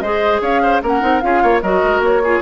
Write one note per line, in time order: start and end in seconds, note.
0.00 0.40 G#3
0.00 0.83 G#4
0.00 0.41 C5
0.00 0.40 D#5
0.41 0.81 C#4
0.41 0.61 C#5
0.41 0.82 F5
0.62 0.82 C5
0.82 1.02 A#3
0.82 1.00 C#4
0.82 1.23 A#4
0.82 1.20 F#5
1.00 1.22 C4
1.00 1.20 D#4
1.20 1.43 C#4
1.20 1.62 F4
1.20 1.42 G#4
1.20 1.60 F5
1.42 1.62 A#3
1.42 1.62 C#5
1.61 1.82 F#3
1.61 2.23 F#4
1.61 2.22 A#4
1.61 2.01 D#5
1.83 2.00 G#3
2.00 2.40 A#3
2.00 2.42 C#5
2.23 2.42 F4
2.23 2.42 G#4